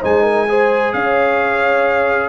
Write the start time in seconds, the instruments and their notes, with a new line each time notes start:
0.00 tuba G#3, trombone D#4, horn C5, trumpet G#5
0.23 horn A#4
0.48 trombone G#4, horn C5
0.93 tuba C#4, horn C#5, trumpet F5